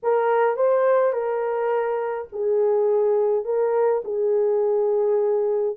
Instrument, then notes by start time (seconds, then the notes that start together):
horn
0.02 A#4
0.56 C5
1.12 A#4
2.32 G#4
3.44 A#4
4.04 G#4